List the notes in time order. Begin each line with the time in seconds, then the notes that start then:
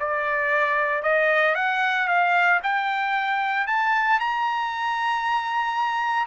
0.00 D5
1.03 D#5
1.55 F#5
2.08 F5
2.63 G5
3.67 A5
4.20 A#5